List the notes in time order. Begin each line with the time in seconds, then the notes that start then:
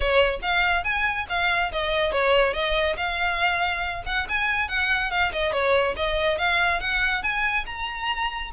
0.00 C#5
0.42 F5
0.84 G#5
1.29 F5
1.72 D#5
2.11 C#5
2.53 D#5
2.96 F5
4.05 F#5
4.29 G#5
4.68 F#5
5.10 F5
5.32 D#5
5.52 C#5
5.96 D#5
6.38 F5
6.80 F#5
7.22 G#5
7.66 A#5